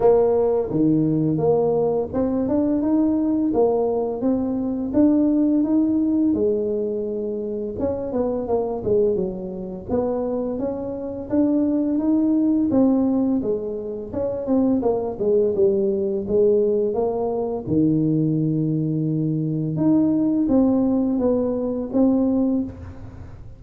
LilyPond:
\new Staff \with { instrumentName = "tuba" } { \time 4/4 \tempo 4 = 85 ais4 dis4 ais4 c'8 d'8 | dis'4 ais4 c'4 d'4 | dis'4 gis2 cis'8 b8 | ais8 gis8 fis4 b4 cis'4 |
d'4 dis'4 c'4 gis4 | cis'8 c'8 ais8 gis8 g4 gis4 | ais4 dis2. | dis'4 c'4 b4 c'4 | }